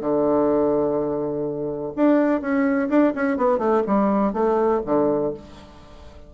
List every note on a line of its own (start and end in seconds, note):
0.00 1.92 D3
1.96 2.41 D4
2.41 2.89 C#4
2.89 3.13 D4
3.15 3.37 C#4
3.37 3.58 B3
3.58 3.82 A3
3.86 4.33 G3
4.33 4.81 A3
4.85 5.33 D3